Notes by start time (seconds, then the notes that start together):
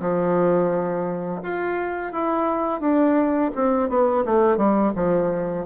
0.00 F3
1.42 F4
2.12 E4
2.80 D4
3.55 C4
3.89 B3
4.25 A3
4.57 G3
4.95 F3